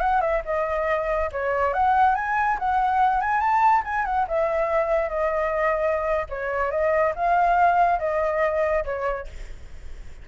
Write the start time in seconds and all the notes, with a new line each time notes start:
0.00 F#5
0.21 E5
0.45 D#5
1.32 C#5
1.73 F#5
2.15 G#5
2.59 F#5
3.21 G#5
3.40 A5
3.85 G#5
4.05 F#5
4.28 E5
5.09 D#5
6.29 C#5
6.71 D#5
7.15 F5
7.99 D#5
8.85 C#5